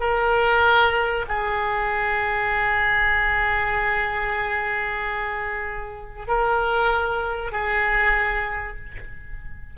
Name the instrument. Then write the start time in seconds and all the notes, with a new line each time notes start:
oboe
0.00 A#4
1.28 G#4
6.27 A#4
7.52 G#4